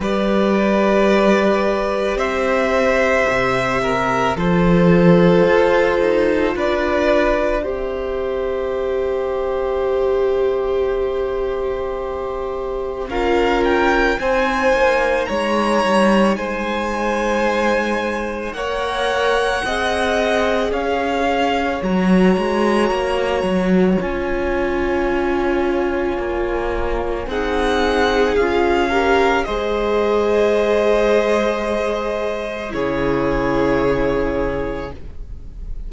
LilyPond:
<<
  \new Staff \with { instrumentName = "violin" } { \time 4/4 \tempo 4 = 55 d''2 e''2 | c''2 d''4 e''4~ | e''1 | f''8 g''8 gis''4 ais''4 gis''4~ |
gis''4 fis''2 f''4 | ais''2 gis''2~ | gis''4 fis''4 f''4 dis''4~ | dis''2 cis''2 | }
  \new Staff \with { instrumentName = "violin" } { \time 4/4 b'2 c''4. ais'8 | a'2 b'4 c''4~ | c''1 | ais'4 c''4 cis''4 c''4~ |
c''4 cis''4 dis''4 cis''4~ | cis''1~ | cis''4 gis'4. ais'8 c''4~ | c''2 gis'2 | }
  \new Staff \with { instrumentName = "viola" } { \time 4/4 g'1 | f'2. g'4~ | g'1 | f'4 dis'2.~ |
dis'4 ais'4 gis'2 | fis'2 f'2~ | f'4 dis'4 f'8 g'8 gis'4~ | gis'2 e'2 | }
  \new Staff \with { instrumentName = "cello" } { \time 4/4 g2 c'4 c4 | f4 f'8 dis'8 d'4 c'4~ | c'1 | cis'4 c'8 ais8 gis8 g8 gis4~ |
gis4 ais4 c'4 cis'4 | fis8 gis8 ais8 fis8 cis'2 | ais4 c'4 cis'4 gis4~ | gis2 cis2 | }
>>